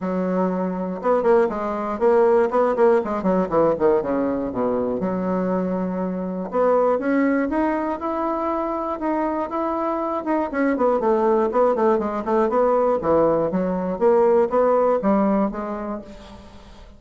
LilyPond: \new Staff \with { instrumentName = "bassoon" } { \time 4/4 \tempo 4 = 120 fis2 b8 ais8 gis4 | ais4 b8 ais8 gis8 fis8 e8 dis8 | cis4 b,4 fis2~ | fis4 b4 cis'4 dis'4 |
e'2 dis'4 e'4~ | e'8 dis'8 cis'8 b8 a4 b8 a8 | gis8 a8 b4 e4 fis4 | ais4 b4 g4 gis4 | }